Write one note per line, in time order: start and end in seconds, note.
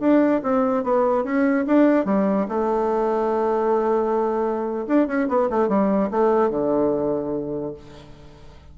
0.00 0.41 D4
0.43 0.84 C4
0.84 1.24 B3
1.24 1.65 C#4
1.67 2.05 D4
2.05 2.47 G3
2.48 4.86 A3
4.87 5.07 D4
5.07 5.28 C#4
5.28 5.49 B3
5.50 5.68 A3
5.68 6.10 G3
6.11 6.50 A3
6.50 7.74 D3